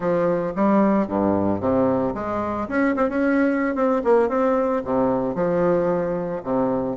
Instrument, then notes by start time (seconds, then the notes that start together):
bassoon
0.00 F3
0.55 G3
1.07 G2
1.60 C3
2.14 G#3
2.68 C#4
2.96 C4
3.09 C#4
3.75 C4
4.03 A#3
4.29 C4
4.84 C3
5.34 F3
6.43 C3